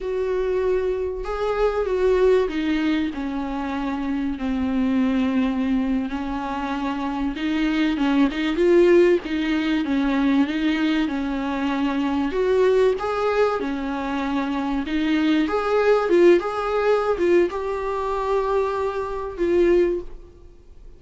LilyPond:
\new Staff \with { instrumentName = "viola" } { \time 4/4 \tempo 4 = 96 fis'2 gis'4 fis'4 | dis'4 cis'2 c'4~ | c'4.~ c'16 cis'2 dis'16~ | dis'8. cis'8 dis'8 f'4 dis'4 cis'16~ |
cis'8. dis'4 cis'2 fis'16~ | fis'8. gis'4 cis'2 dis'16~ | dis'8. gis'4 f'8 gis'4~ gis'16 f'8 | g'2. f'4 | }